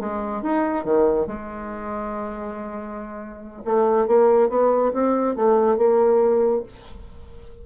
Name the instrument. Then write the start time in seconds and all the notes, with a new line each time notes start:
bassoon
0.00 G#3
0.43 D#4
0.85 D#3
1.27 G#3
3.65 A3
4.08 A#3
4.50 B3
4.94 C4
5.36 A3
5.78 A#3